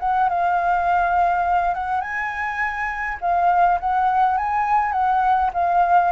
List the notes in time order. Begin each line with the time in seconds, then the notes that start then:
0.00 F#5
0.29 F5
1.74 F#5
2.01 G#5
3.21 F5
3.80 F#5
4.38 G#5
4.92 F#5
5.54 F5